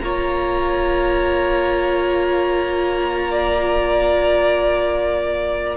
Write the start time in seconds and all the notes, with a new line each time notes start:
0.00 A#3 F4 C#5 A#5
3.31 D5